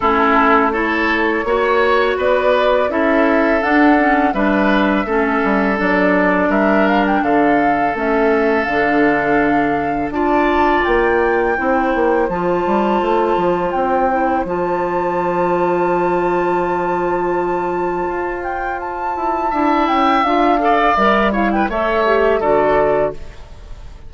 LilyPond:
<<
  \new Staff \with { instrumentName = "flute" } { \time 4/4 \tempo 4 = 83 a'4 cis''2 d''4 | e''4 fis''4 e''2 | d''4 e''8 f''16 g''16 f''4 e''4 | f''2 a''4 g''4~ |
g''4 a''2 g''4 | a''1~ | a''4. g''8 a''4. g''8 | f''4 e''8 f''16 g''16 e''4 d''4 | }
  \new Staff \with { instrumentName = "oboe" } { \time 4/4 e'4 a'4 cis''4 b'4 | a'2 b'4 a'4~ | a'4 ais'4 a'2~ | a'2 d''2 |
c''1~ | c''1~ | c''2. e''4~ | e''8 d''4 cis''16 b'16 cis''4 a'4 | }
  \new Staff \with { instrumentName = "clarinet" } { \time 4/4 cis'4 e'4 fis'2 | e'4 d'8 cis'8 d'4 cis'4 | d'2. cis'4 | d'2 f'2 |
e'4 f'2~ f'8 e'8 | f'1~ | f'2. e'4 | f'8 a'8 ais'8 e'8 a'8 g'8 fis'4 | }
  \new Staff \with { instrumentName = "bassoon" } { \time 4/4 a2 ais4 b4 | cis'4 d'4 g4 a8 g8 | fis4 g4 d4 a4 | d2 d'4 ais4 |
c'8 ais8 f8 g8 a8 f8 c'4 | f1~ | f4 f'4. e'8 d'8 cis'8 | d'4 g4 a4 d4 | }
>>